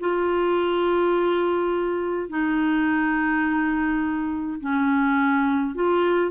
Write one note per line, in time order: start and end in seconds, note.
0.00 2.29 F4
2.29 4.60 D#4
4.60 5.75 C#4
5.75 6.31 F4